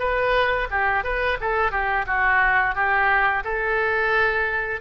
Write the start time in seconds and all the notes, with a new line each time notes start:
0.00 B4
0.71 G4
1.04 B4
1.41 A4
1.72 G4
2.07 F#4
2.76 G4
3.45 A4